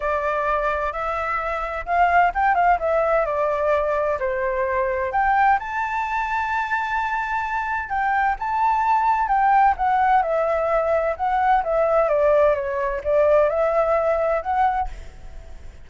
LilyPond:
\new Staff \with { instrumentName = "flute" } { \time 4/4 \tempo 4 = 129 d''2 e''2 | f''4 g''8 f''8 e''4 d''4~ | d''4 c''2 g''4 | a''1~ |
a''4 g''4 a''2 | g''4 fis''4 e''2 | fis''4 e''4 d''4 cis''4 | d''4 e''2 fis''4 | }